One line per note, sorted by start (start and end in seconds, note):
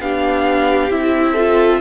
0.00 0.90 B3
0.00 0.91 D4
0.00 1.32 G4
0.00 0.92 F5
0.90 1.81 C4
0.90 1.36 E4
0.90 1.81 E5
1.32 1.81 F4
1.32 1.78 A4